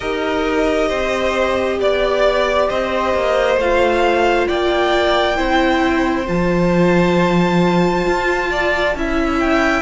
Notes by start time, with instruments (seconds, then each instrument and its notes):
0.00 cello D#4, viola G4, violin A#4 D#5
0.88 cello C4, violin C5
1.80 cello B3, violin D5
2.69 cello C4, violin C5 D#5
3.13 cello A#3
3.56 cello A3, viola F4, violin F5
4.47 cello A#3, violin D5 G5
5.35 cello C4, viola E4, violin C5
6.26 cello F3, viola F4, violin A5
8.05 cello F4
8.50 violin D5
8.95 cello C#4, viola E4, violin E5
9.38 violin G5